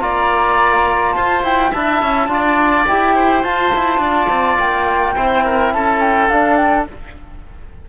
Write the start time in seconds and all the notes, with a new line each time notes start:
0.00 A#3 F4 D5 A#5
1.13 F4 C5 A5
1.43 E4 G5
1.71 D4 E4 E5 A5
2.03 C#4
2.29 D4 F4 D5
2.88 E4 G4 G5
3.16 C5
3.44 F4 A5
3.76 E4
3.99 D4 D5
4.30 C4
4.59 A#3 G5
5.16 C4 E4 C5
5.45 A#4
5.73 C#4 A4 A5
6.01 G5
6.30 D4 F5
6.57 G5